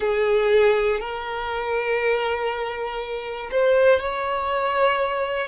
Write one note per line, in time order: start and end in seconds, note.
0.00 1.00 G#4
1.00 3.50 A#4
3.51 4.00 C5
4.00 5.47 C#5